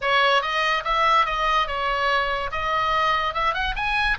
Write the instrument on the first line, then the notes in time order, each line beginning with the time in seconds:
oboe
0.01 C#5
0.42 D#5
0.84 E5
1.25 D#5
1.67 C#5
2.51 D#5
3.34 E5
3.54 F#5
3.76 G#5